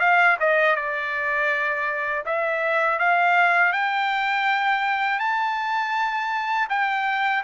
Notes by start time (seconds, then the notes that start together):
0.00 F5
0.40 D#5
0.76 D5
2.25 E5
2.99 F5
3.72 G5
5.20 A5
6.69 G5